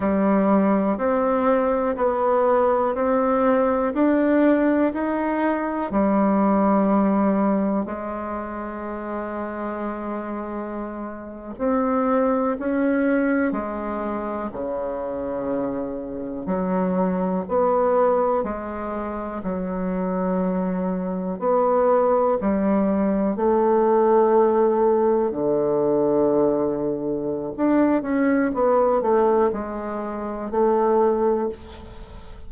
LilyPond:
\new Staff \with { instrumentName = "bassoon" } { \time 4/4 \tempo 4 = 61 g4 c'4 b4 c'4 | d'4 dis'4 g2 | gis2.~ gis8. c'16~ | c'8. cis'4 gis4 cis4~ cis16~ |
cis8. fis4 b4 gis4 fis16~ | fis4.~ fis16 b4 g4 a16~ | a4.~ a16 d2~ d16 | d'8 cis'8 b8 a8 gis4 a4 | }